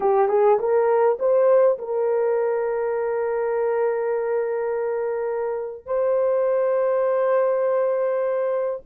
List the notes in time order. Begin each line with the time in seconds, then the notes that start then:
0.00 G4
0.28 G#4
0.59 A#4
1.19 C5
1.78 A#4
5.86 C5